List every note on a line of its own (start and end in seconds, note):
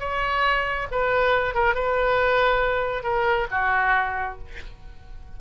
0.00 0.88 C#5
0.91 1.55 B4
1.55 1.75 A#4
1.75 3.04 B4
3.04 3.47 A#4
3.51 4.39 F#4